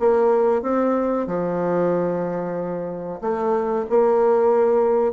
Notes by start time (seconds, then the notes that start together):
0.00 A#3
0.62 C4
1.27 F3
3.21 A3
3.90 A#3